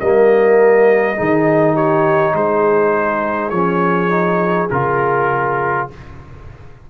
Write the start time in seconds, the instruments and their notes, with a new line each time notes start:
0.00 tuba G3, trombone A#3, horn A#4, trumpet D#5
1.17 tuba D#3, trombone D#4, horn G#4
1.74 horn G4, trumpet C#5
2.34 tuba G#3, horn G#4, trumpet C5
3.50 tuba F3, trombone C#4, trumpet C#5
4.10 trombone D#4
4.70 tuba C#3, trombone F4, trumpet A#4